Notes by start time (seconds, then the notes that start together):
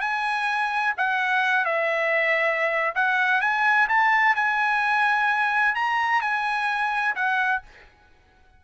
0.00 G#5
0.97 F#5
1.65 E5
2.95 F#5
3.41 G#5
3.88 A5
4.35 G#5
5.75 A#5
6.21 G#5
7.15 F#5